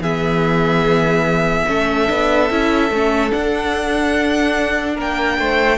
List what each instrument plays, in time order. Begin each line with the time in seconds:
0.00 cello E3, viola B3, violin G#4 E5
1.67 cello A3, viola C#4, violin A4
2.09 cello B3, viola D4
2.51 cello C#4, viola E4
2.91 cello A3, viola C#4
3.31 viola D4, cello D4, violin F#5
4.96 cello A#3, violin A#4 G5
5.39 cello A3, violin C5